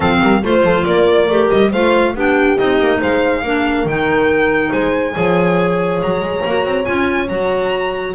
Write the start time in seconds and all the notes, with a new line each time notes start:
0.00 F3 C4 A4 F5
0.21 G3 A#4
0.42 A3 F4 C5
0.63 F3 A4
0.84 A#3 A#4 D5
1.29 A3 G4
1.50 G3 D#5
1.70 A3 F4 C5 F5
2.14 B3 D4 G4 G5
2.57 C4 D#4 D#5
2.78 A#3
2.99 G#3 C5 F5
3.42 A#3 D4 A#4
3.85 D#3 D#4 G5
4.71 G#3 C5 G#5
5.13 F3 G#4 C#5
6.01 F#3 A#5
6.19 G#3
6.45 A#3 F#4
6.64 C4
6.84 C#4 F4 G#5
7.28 F#3 F#4 A#5